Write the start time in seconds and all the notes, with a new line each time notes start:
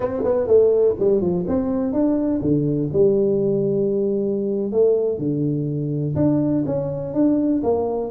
0.00 C4
0.24 B3
0.47 A3
0.99 G3
1.21 F3
1.47 C4
1.92 D4
2.41 D3
2.92 G3
4.72 A3
5.18 D3
6.15 D4
6.65 C#4
7.13 D4
7.63 A#3